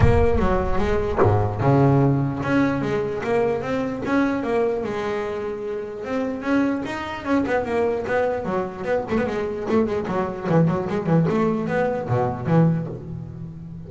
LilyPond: \new Staff \with { instrumentName = "double bass" } { \time 4/4 \tempo 4 = 149 ais4 fis4 gis4 gis,4 | cis2 cis'4 gis4 | ais4 c'4 cis'4 ais4 | gis2. c'4 |
cis'4 dis'4 cis'8 b8 ais4 | b4 fis4 b8 a16 b16 gis4 | a8 gis8 fis4 e8 fis8 gis8 e8 | a4 b4 b,4 e4 | }